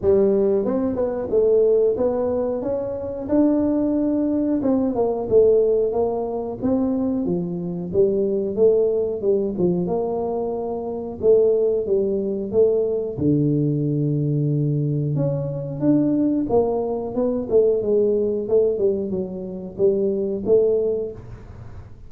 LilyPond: \new Staff \with { instrumentName = "tuba" } { \time 4/4 \tempo 4 = 91 g4 c'8 b8 a4 b4 | cis'4 d'2 c'8 ais8 | a4 ais4 c'4 f4 | g4 a4 g8 f8 ais4~ |
ais4 a4 g4 a4 | d2. cis'4 | d'4 ais4 b8 a8 gis4 | a8 g8 fis4 g4 a4 | }